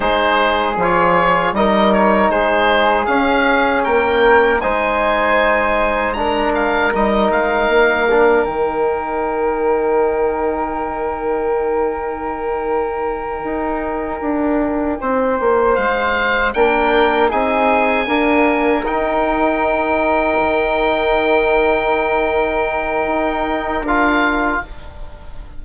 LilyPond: <<
  \new Staff \with { instrumentName = "oboe" } { \time 4/4 \tempo 4 = 78 c''4 cis''4 dis''8 cis''8 c''4 | f''4 g''4 gis''2 | ais''8 f''8 dis''8 f''4. g''4~ | g''1~ |
g''1~ | g''8 f''4 g''4 gis''4.~ | gis''8 g''2.~ g''8~ | g''2. f''4 | }
  \new Staff \with { instrumentName = "flute" } { \time 4/4 gis'2 ais'4 gis'4~ | gis'4 ais'4 c''2 | ais'1~ | ais'1~ |
ais'2.~ ais'8 c''8~ | c''4. ais'4 gis'4 ais'8~ | ais'1~ | ais'1 | }
  \new Staff \with { instrumentName = "trombone" } { \time 4/4 dis'4 f'4 dis'2 | cis'2 dis'2 | d'4 dis'4. d'8 dis'4~ | dis'1~ |
dis'1~ | dis'4. d'4 dis'4 ais8~ | ais8 dis'2.~ dis'8~ | dis'2. f'4 | }
  \new Staff \with { instrumentName = "bassoon" } { \time 4/4 gis4 f4 g4 gis4 | cis'4 ais4 gis2~ | gis4 g8 gis8 ais4 dis4~ | dis1~ |
dis4. dis'4 d'4 c'8 | ais8 gis4 ais4 c'4 d'8~ | d'8 dis'2 dis4.~ | dis2 dis'4 d'4 | }
>>